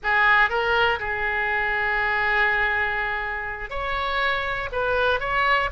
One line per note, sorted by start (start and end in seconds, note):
0.03 0.49 G#4
0.49 0.99 A#4
0.99 3.70 G#4
3.70 4.69 C#5
4.72 5.20 B4
5.20 5.69 C#5